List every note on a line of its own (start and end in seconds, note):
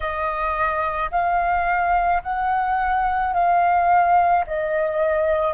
0.00 1.10 D#5
1.11 2.22 F5
2.22 3.33 F#5
3.33 4.44 F5
4.46 5.53 D#5